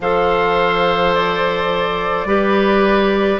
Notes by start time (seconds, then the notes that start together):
0.00 F3 A4 C5 F5
1.14 D5
2.25 G3 G4 B4